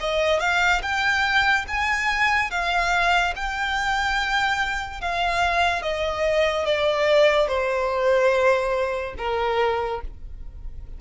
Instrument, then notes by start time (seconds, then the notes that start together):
violin
0.00 D#5
0.39 F5
0.82 G5
1.67 G#5
2.50 F5
3.36 G5
5.01 F5
5.82 D#5
6.65 D5
7.48 C5
9.17 A#4